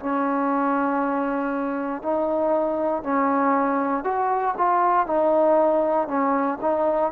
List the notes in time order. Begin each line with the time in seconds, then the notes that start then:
0.00 C#4
2.03 D#4
3.04 C#4
4.04 F#4
4.58 F4
5.07 D#4
6.08 C#4
6.61 D#4